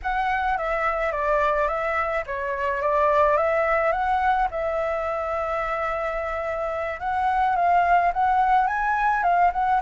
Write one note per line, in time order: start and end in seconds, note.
0.02 0.57 F#5
0.57 1.12 E5
1.12 1.68 D5
1.68 2.24 E5
2.26 2.81 C#5
2.81 3.37 D5
3.37 3.92 E5
3.92 4.48 F#5
4.50 7.00 E5
7.00 7.55 F#5
7.55 8.12 F5
8.13 8.67 F#5
8.67 9.23 G#5
9.23 9.51 F5
9.53 9.81 F#5